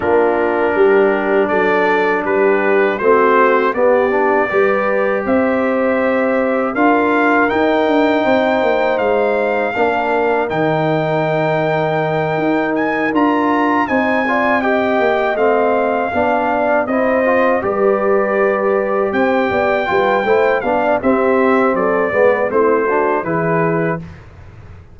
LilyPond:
<<
  \new Staff \with { instrumentName = "trumpet" } { \time 4/4 \tempo 4 = 80 ais'2 d''4 b'4 | c''4 d''2 e''4~ | e''4 f''4 g''2 | f''2 g''2~ |
g''4 gis''8 ais''4 gis''4 g''8~ | g''8 f''2 dis''4 d''8~ | d''4. g''2 f''8 | e''4 d''4 c''4 b'4 | }
  \new Staff \with { instrumentName = "horn" } { \time 4/4 f'4 g'4 a'4 g'4 | fis'4 g'4 b'4 c''4~ | c''4 ais'2 c''4~ | c''4 ais'2.~ |
ais'2~ ais'8 c''8 d''8 dis''8~ | dis''4. d''4 c''4 b'8~ | b'4. c''8 d''8 b'8 c''8 d''8 | g'4 a'8 b'8 e'8 fis'8 gis'4 | }
  \new Staff \with { instrumentName = "trombone" } { \time 4/4 d'1 | c'4 b8 d'8 g'2~ | g'4 f'4 dis'2~ | dis'4 d'4 dis'2~ |
dis'4. f'4 dis'8 f'8 g'8~ | g'8 c'4 d'4 e'8 f'8 g'8~ | g'2~ g'8 f'8 e'8 d'8 | c'4. b8 c'8 d'8 e'4 | }
  \new Staff \with { instrumentName = "tuba" } { \time 4/4 ais4 g4 fis4 g4 | a4 b4 g4 c'4~ | c'4 d'4 dis'8 d'8 c'8 ais8 | gis4 ais4 dis2~ |
dis8 dis'4 d'4 c'4. | ais8 a4 b4 c'4 g8~ | g4. c'8 b8 g8 a8 b8 | c'4 fis8 gis8 a4 e4 | }
>>